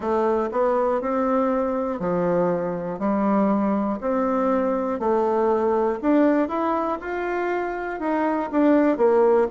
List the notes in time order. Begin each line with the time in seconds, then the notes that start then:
0.00 A3
0.51 B3
1.01 C4
2.00 F3
2.99 G3
4.00 C4
5.00 A3
6.01 D4
6.48 E4
7.00 F4
7.99 D#4
8.51 D4
8.97 A#3